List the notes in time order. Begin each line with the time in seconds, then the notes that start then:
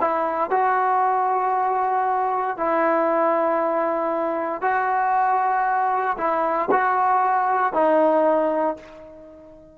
0.00 E4
0.50 F#4
2.57 E4
4.61 F#4
6.17 E4
6.71 F#4
7.73 D#4